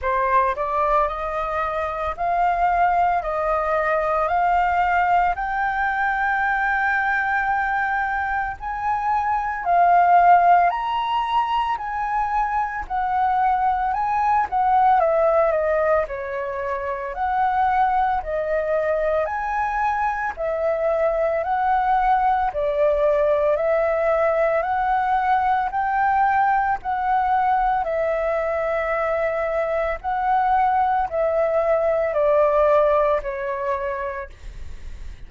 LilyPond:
\new Staff \with { instrumentName = "flute" } { \time 4/4 \tempo 4 = 56 c''8 d''8 dis''4 f''4 dis''4 | f''4 g''2. | gis''4 f''4 ais''4 gis''4 | fis''4 gis''8 fis''8 e''8 dis''8 cis''4 |
fis''4 dis''4 gis''4 e''4 | fis''4 d''4 e''4 fis''4 | g''4 fis''4 e''2 | fis''4 e''4 d''4 cis''4 | }